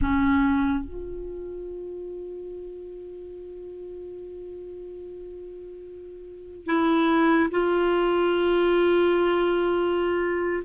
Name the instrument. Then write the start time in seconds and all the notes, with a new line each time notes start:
clarinet
0.01 C#4
0.84 F4
6.66 E4
7.50 F4